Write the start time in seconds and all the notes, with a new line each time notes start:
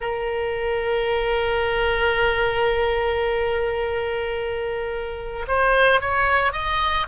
0.00 A#4
5.47 C5
6.00 C#5
6.52 D#5